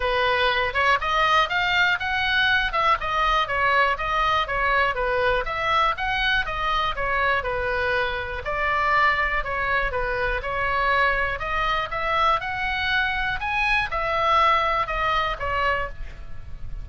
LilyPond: \new Staff \with { instrumentName = "oboe" } { \time 4/4 \tempo 4 = 121 b'4. cis''8 dis''4 f''4 | fis''4. e''8 dis''4 cis''4 | dis''4 cis''4 b'4 e''4 | fis''4 dis''4 cis''4 b'4~ |
b'4 d''2 cis''4 | b'4 cis''2 dis''4 | e''4 fis''2 gis''4 | e''2 dis''4 cis''4 | }